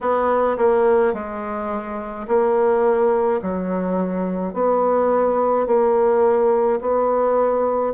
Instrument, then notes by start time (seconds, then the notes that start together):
bassoon
0.00 B3
0.57 A#3
1.13 G#3
2.27 A#3
3.42 F#3
4.53 B3
5.66 A#3
6.80 B3